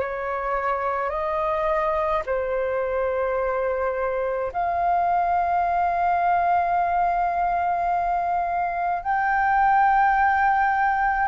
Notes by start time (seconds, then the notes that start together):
0.00 C#5
1.10 D#5
2.26 C5
4.53 F5
9.03 G5